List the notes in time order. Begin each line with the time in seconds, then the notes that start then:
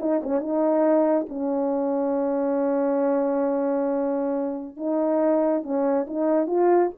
0.00 D#4
0.23 C#4
0.40 D#4
1.29 C#4
4.77 D#4
5.62 C#4
6.07 D#4
6.47 F4